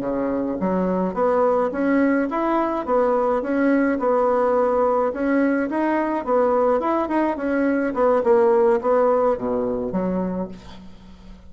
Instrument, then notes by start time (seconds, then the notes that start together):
bassoon
0.00 C#3
0.60 F#3
1.14 B3
1.71 C#4
2.30 E4
2.85 B3
3.42 C#4
3.99 B3
5.13 C#4
5.69 D#4
6.25 B3
6.80 E4
7.08 D#4
7.37 C#4
7.94 B3
8.23 A#3
8.81 B3
9.37 B2
9.92 F#3